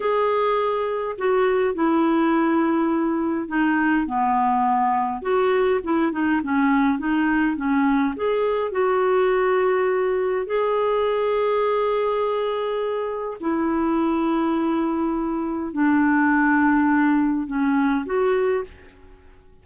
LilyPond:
\new Staff \with { instrumentName = "clarinet" } { \time 4/4 \tempo 4 = 103 gis'2 fis'4 e'4~ | e'2 dis'4 b4~ | b4 fis'4 e'8 dis'8 cis'4 | dis'4 cis'4 gis'4 fis'4~ |
fis'2 gis'2~ | gis'2. e'4~ | e'2. d'4~ | d'2 cis'4 fis'4 | }